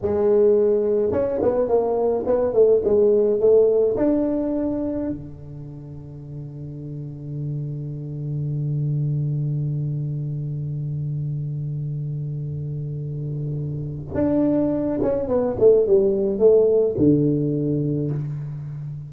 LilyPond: \new Staff \with { instrumentName = "tuba" } { \time 4/4 \tempo 4 = 106 gis2 cis'8 b8 ais4 | b8 a8 gis4 a4 d'4~ | d'4 d2.~ | d1~ |
d1~ | d1~ | d4 d'4. cis'8 b8 a8 | g4 a4 d2 | }